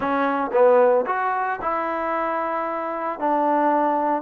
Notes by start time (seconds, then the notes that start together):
0.00 C#4
0.52 B3
1.06 F#4
1.61 E4
3.19 D4